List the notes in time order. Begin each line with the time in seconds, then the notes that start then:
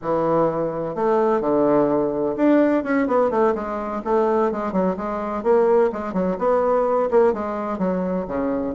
0.02 E3
0.95 A3
1.40 D3
2.36 D4
2.83 C#4
3.07 B3
3.30 A3
3.55 G#3
4.04 A3
4.51 G#3
4.72 F#3
4.96 G#3
5.43 A#3
5.92 G#3
6.13 F#3
6.38 B3
7.10 A#3
7.33 G#3
7.78 F#3
8.27 C#3